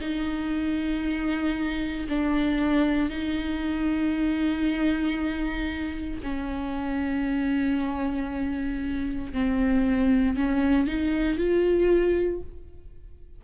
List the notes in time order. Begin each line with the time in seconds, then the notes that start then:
0.00 D#4
2.08 D4
3.09 D#4
6.23 C#4
9.32 C4
10.36 C#4
10.87 D#4
11.37 F4